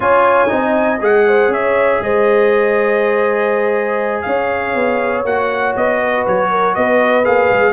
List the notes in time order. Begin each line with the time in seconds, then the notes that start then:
0.00 C#4 F4 C#5 G#5
0.48 C4 D#4 D#5
1.00 G#3 G#4 F#5
1.27 C5
1.48 C#4 C#5 E5
2.00 G#3 C5 D#5
4.21 C#4 C#5 F5
4.75 B3
5.24 A#3 F#4 F#5
5.76 B3 D#5
6.02 B4
6.26 F#3 C#5
6.49 A#4
6.74 B3 B4 D#5
7.23 A#3 G#4 F5
7.51 G#3